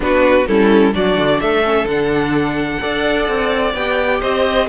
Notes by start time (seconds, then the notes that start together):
0.00 B3 D4 F#4 B4
0.46 G3 C#4 E4 A4
0.92 F#3 D4 F#4 D5
1.16 D3
1.40 A3 A4 E5
1.63 C#4
1.84 D3 F#5
1.90 D4
2.80 D4 A4 D5
3.27 C4
3.74 B3 G4 G5
4.20 C4 C5 D#5